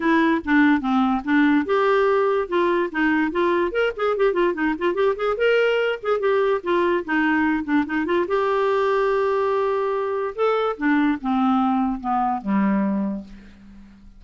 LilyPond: \new Staff \with { instrumentName = "clarinet" } { \time 4/4 \tempo 4 = 145 e'4 d'4 c'4 d'4 | g'2 f'4 dis'4 | f'4 ais'8 gis'8 g'8 f'8 dis'8 f'8 | g'8 gis'8 ais'4. gis'8 g'4 |
f'4 dis'4. d'8 dis'8 f'8 | g'1~ | g'4 a'4 d'4 c'4~ | c'4 b4 g2 | }